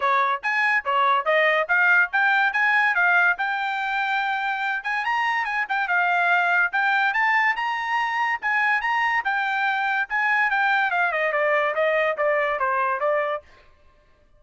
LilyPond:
\new Staff \with { instrumentName = "trumpet" } { \time 4/4 \tempo 4 = 143 cis''4 gis''4 cis''4 dis''4 | f''4 g''4 gis''4 f''4 | g''2.~ g''8 gis''8 | ais''4 gis''8 g''8 f''2 |
g''4 a''4 ais''2 | gis''4 ais''4 g''2 | gis''4 g''4 f''8 dis''8 d''4 | dis''4 d''4 c''4 d''4 | }